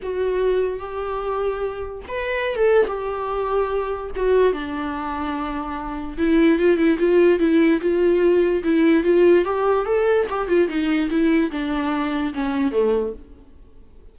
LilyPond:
\new Staff \with { instrumentName = "viola" } { \time 4/4 \tempo 4 = 146 fis'2 g'2~ | g'4 b'4~ b'16 a'8. g'4~ | g'2 fis'4 d'4~ | d'2. e'4 |
f'8 e'8 f'4 e'4 f'4~ | f'4 e'4 f'4 g'4 | a'4 g'8 f'8 dis'4 e'4 | d'2 cis'4 a4 | }